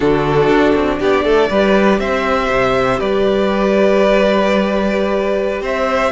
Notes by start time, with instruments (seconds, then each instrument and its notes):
0.00 cello D3, viola D4, violin F#4 A4
0.48 cello D4
0.75 cello C4
0.99 cello B3, violin G4 D5
1.24 cello A3, violin A4
1.49 cello G3, viola G4, violin B4
1.99 cello C4, violin C5 E5
2.50 cello C3
2.99 cello G3, violin B4 D5
5.61 cello C4, violin C5 E5